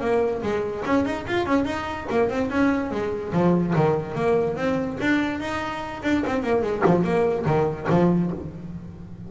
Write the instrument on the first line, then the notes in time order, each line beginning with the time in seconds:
double bass
0.00 A#3
0.42 G#3
0.85 C#4
1.05 D#4
1.27 F4
1.45 C#4
1.65 D#4
2.10 A#3
2.29 C4
2.50 C#4
2.90 G#3
3.32 F3
3.75 D#3
4.15 A#3
4.56 C4
5.00 D4
5.40 D#4
6.03 D4
6.26 C4
6.43 A#3
6.62 G#3
6.85 F3
7.03 A#3
7.45 D#3
7.89 F3